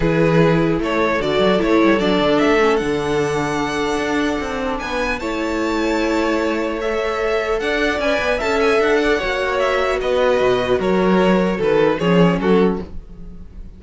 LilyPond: <<
  \new Staff \with { instrumentName = "violin" } { \time 4/4 \tempo 4 = 150 b'2 cis''4 d''4 | cis''4 d''4 e''4 fis''4~ | fis''1 | gis''4 a''2.~ |
a''4 e''2 fis''4 | gis''4 a''8 gis''8 fis''2 | e''4 dis''2 cis''4~ | cis''4 b'4 cis''4 a'4 | }
  \new Staff \with { instrumentName = "violin" } { \time 4/4 gis'2 a'2~ | a'1~ | a'1 | b'4 cis''2.~ |
cis''2. d''4~ | d''4 e''4. d''8 cis''4~ | cis''4 b'2 ais'4~ | ais'4 a'4 gis'4 fis'4 | }
  \new Staff \with { instrumentName = "viola" } { \time 4/4 e'2. fis'4 | e'4 d'4. cis'8 d'4~ | d'1~ | d'4 e'2.~ |
e'4 a'2. | b'4 a'2 fis'4~ | fis'1~ | fis'2 cis'2 | }
  \new Staff \with { instrumentName = "cello" } { \time 4/4 e2 a4 d8 fis8 | a8 g8 fis8 d8 a4 d4~ | d2 d'4 c'4 | b4 a2.~ |
a2. d'4 | cis'8 b8 cis'4 d'4 ais4~ | ais4 b4 b,4 fis4~ | fis4 dis4 f4 fis4 | }
>>